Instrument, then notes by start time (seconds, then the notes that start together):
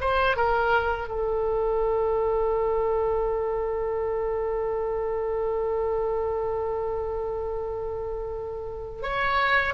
oboe
0.00 C5
0.36 A#4
1.08 A4
9.02 C#5